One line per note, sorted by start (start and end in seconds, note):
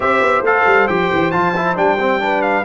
0.00 0.21 C4
0.00 0.44 G4
0.00 2.23 C5
0.00 0.44 E5
0.21 0.41 B3
0.41 0.63 A3
0.41 0.88 A4
0.41 0.87 F5
0.66 0.88 G3
0.87 1.11 F3
0.87 1.32 G4
0.87 1.31 G5
1.12 1.33 E3
1.31 1.76 F3
1.31 1.54 F4
1.31 1.75 A5
1.56 1.75 E4
1.75 2.64 G3
1.75 1.97 D4
1.75 2.42 G5
1.99 2.19 C4
2.19 2.64 D4
2.19 2.64 B4
2.42 2.64 F5